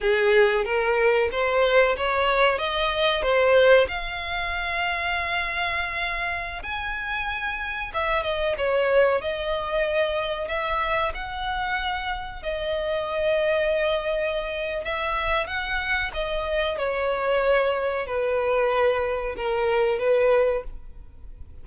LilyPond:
\new Staff \with { instrumentName = "violin" } { \time 4/4 \tempo 4 = 93 gis'4 ais'4 c''4 cis''4 | dis''4 c''4 f''2~ | f''2~ f''16 gis''4.~ gis''16~ | gis''16 e''8 dis''8 cis''4 dis''4.~ dis''16~ |
dis''16 e''4 fis''2 dis''8.~ | dis''2. e''4 | fis''4 dis''4 cis''2 | b'2 ais'4 b'4 | }